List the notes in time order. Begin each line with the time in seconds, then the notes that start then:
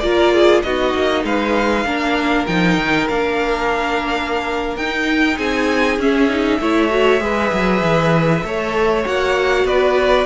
0.00 A#3 F4 A#4 D5
0.34 G#4
0.63 B3 D#4 F#4 D#5
0.95 A#3
1.24 G#3 B4 F5
1.85 A#3 D4 A#4
2.47 F3 D#4 G5
2.78 D#3
3.09 A#3 D4 F5
4.77 D#4 G5
5.38 C4 G#4 G#5
5.99 C#4 E5
6.29 D#4
6.60 A3 E4 C#5
6.90 F#4
7.20 G#3 G#4 B4
7.53 F#3
7.82 E3
8.44 A3 A4 C#5
9.05 A#3 F#4 F#5
9.65 B3 B4 D5